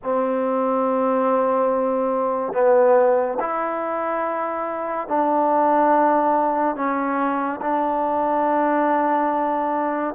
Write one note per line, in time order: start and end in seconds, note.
0.03 2.53 C4
2.53 3.38 B3
3.40 5.07 E4
5.07 6.75 D4
6.75 7.60 C#4
7.61 10.14 D4